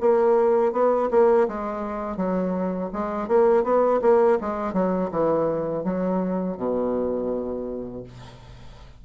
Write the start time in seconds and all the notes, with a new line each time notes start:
0.00 A#3
0.72 B3
1.10 A#3
1.48 G#3
2.17 F#3
2.92 G#3
3.28 A#3
3.64 B3
4.01 A#3
4.41 G#3
4.73 F#3
5.11 E3
5.84 F#3
6.57 B2